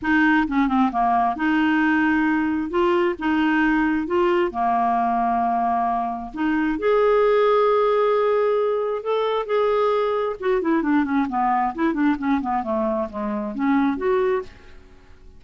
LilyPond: \new Staff \with { instrumentName = "clarinet" } { \time 4/4 \tempo 4 = 133 dis'4 cis'8 c'8 ais4 dis'4~ | dis'2 f'4 dis'4~ | dis'4 f'4 ais2~ | ais2 dis'4 gis'4~ |
gis'1 | a'4 gis'2 fis'8 e'8 | d'8 cis'8 b4 e'8 d'8 cis'8 b8 | a4 gis4 cis'4 fis'4 | }